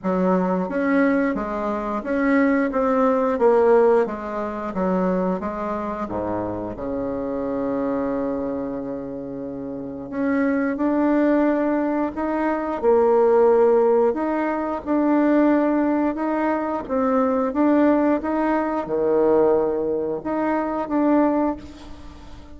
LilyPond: \new Staff \with { instrumentName = "bassoon" } { \time 4/4 \tempo 4 = 89 fis4 cis'4 gis4 cis'4 | c'4 ais4 gis4 fis4 | gis4 gis,4 cis2~ | cis2. cis'4 |
d'2 dis'4 ais4~ | ais4 dis'4 d'2 | dis'4 c'4 d'4 dis'4 | dis2 dis'4 d'4 | }